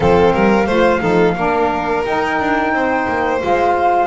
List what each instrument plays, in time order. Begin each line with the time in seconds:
0.00 double bass F3, saxophone C4, violin A4, flute F5
0.33 double bass G3, violin A#4
0.66 double bass A3, saxophone F4, violin C5
0.99 double bass F3, saxophone D#4, violin A4
1.35 double bass A#3, saxophone D4, violin A#4
2.05 saxophone D#4, double bass D#4, flute G5
2.39 double bass D4
2.72 double bass C4, violin C5
3.08 double bass A#3
3.39 double bass G#3, saxophone F4, flute F5